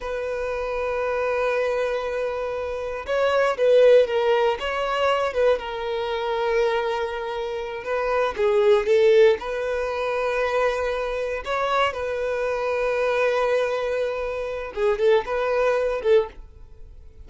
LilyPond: \new Staff \with { instrumentName = "violin" } { \time 4/4 \tempo 4 = 118 b'1~ | b'2 cis''4 b'4 | ais'4 cis''4. b'8 ais'4~ | ais'2.~ ais'8 b'8~ |
b'8 gis'4 a'4 b'4.~ | b'2~ b'8 cis''4 b'8~ | b'1~ | b'4 gis'8 a'8 b'4. a'8 | }